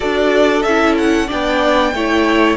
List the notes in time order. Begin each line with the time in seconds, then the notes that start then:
0.00 D4 F#4 A4 D5
0.62 C#4 E5
0.68 E4
0.97 F#5
1.26 B3 D4 D5 G5
1.93 A3 E4 C#5